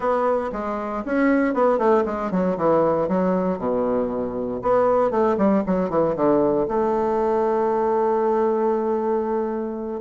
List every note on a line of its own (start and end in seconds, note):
0.00 0.50 B3
0.52 1.03 G#3
1.05 1.54 C#4
1.54 1.78 B3
1.78 2.04 A3
2.05 2.31 G#3
2.31 2.56 F#3
2.57 3.08 E3
3.08 3.58 F#3
3.58 4.61 B2
4.62 5.10 B3
5.10 5.36 A3
5.37 5.63 G3
5.66 5.89 F#3
5.89 6.15 E3
6.15 6.67 D3
6.67 10.00 A3